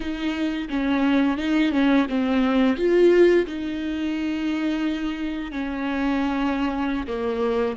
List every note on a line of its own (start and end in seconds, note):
0.00 0.68 D#4
0.69 1.37 C#4
1.37 1.72 D#4
1.72 2.06 C#4
2.09 2.76 C4
2.76 3.45 F4
3.46 5.51 D#4
5.51 7.06 C#4
7.07 7.76 A#3